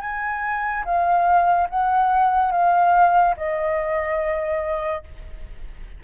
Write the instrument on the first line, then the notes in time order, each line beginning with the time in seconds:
flute
0.00 G#5
0.84 F5
1.69 F#5
2.51 F5
3.36 D#5